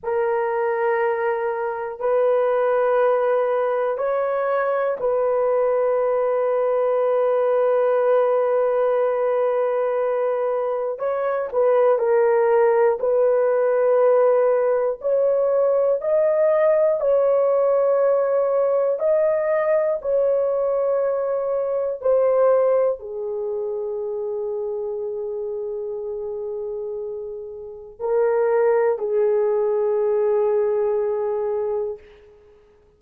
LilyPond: \new Staff \with { instrumentName = "horn" } { \time 4/4 \tempo 4 = 60 ais'2 b'2 | cis''4 b'2.~ | b'2. cis''8 b'8 | ais'4 b'2 cis''4 |
dis''4 cis''2 dis''4 | cis''2 c''4 gis'4~ | gis'1 | ais'4 gis'2. | }